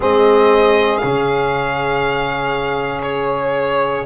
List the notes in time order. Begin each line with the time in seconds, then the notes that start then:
0.00 G#3 C4 G#4 D#5
0.97 C#3 C#4 F5
3.03 C#5